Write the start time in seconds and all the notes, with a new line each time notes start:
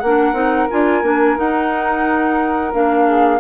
0.00 A#3 D4 A#4 F#5
0.33 C4 D#4
0.70 D4 F4 G#5
1.03 A#3 D4
1.37 D#4 F#5
2.73 A#3 D4 F5
3.06 G#4